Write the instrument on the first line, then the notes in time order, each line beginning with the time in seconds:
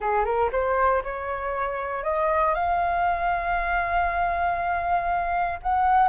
flute
0.00 G#4
0.24 A#4
0.52 C5
1.03 C#5
2.03 D#5
2.54 F5
5.62 F#5